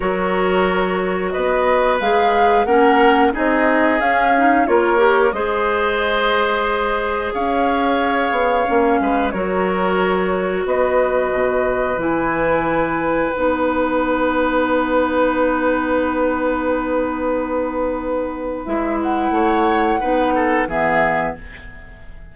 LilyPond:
<<
  \new Staff \with { instrumentName = "flute" } { \time 4/4 \tempo 4 = 90 cis''2 dis''4 f''4 | fis''4 dis''4 f''4 cis''4 | dis''2. f''4~ | f''2 cis''2 |
dis''2 gis''2 | fis''1~ | fis''1 | e''8 fis''2~ fis''8 e''4 | }
  \new Staff \with { instrumentName = "oboe" } { \time 4/4 ais'2 b'2 | ais'4 gis'2 ais'4 | c''2. cis''4~ | cis''4. b'8 ais'2 |
b'1~ | b'1~ | b'1~ | b'4 cis''4 b'8 a'8 gis'4 | }
  \new Staff \with { instrumentName = "clarinet" } { \time 4/4 fis'2. gis'4 | cis'4 dis'4 cis'8 dis'8 f'8 g'8 | gis'1~ | gis'4 cis'4 fis'2~ |
fis'2 e'2 | dis'1~ | dis'1 | e'2 dis'4 b4 | }
  \new Staff \with { instrumentName = "bassoon" } { \time 4/4 fis2 b4 gis4 | ais4 c'4 cis'4 ais4 | gis2. cis'4~ | cis'8 b8 ais8 gis8 fis2 |
b4 b,4 e2 | b1~ | b1 | gis4 a4 b4 e4 | }
>>